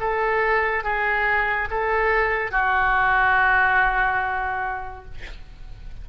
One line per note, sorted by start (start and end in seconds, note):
0.00 0.84 A4
0.84 1.68 G#4
1.71 2.51 A4
2.51 5.05 F#4